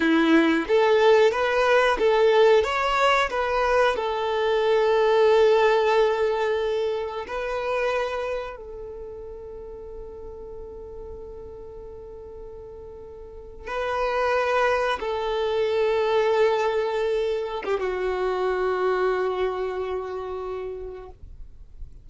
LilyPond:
\new Staff \with { instrumentName = "violin" } { \time 4/4 \tempo 4 = 91 e'4 a'4 b'4 a'4 | cis''4 b'4 a'2~ | a'2. b'4~ | b'4 a'2.~ |
a'1~ | a'8. b'2 a'4~ a'16~ | a'2~ a'8. g'16 fis'4~ | fis'1 | }